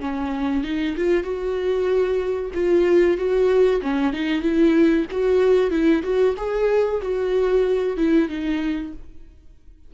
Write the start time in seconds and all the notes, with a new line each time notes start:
0.00 C#4
0.64 D#4
0.97 F4
1.23 F#4
2.54 F4
3.17 F#4
3.82 C#4
4.13 D#4
4.42 E4
5.11 F#4
5.70 E4
6.03 F#4
6.37 G#4
7.02 F#4
7.97 E4
8.29 D#4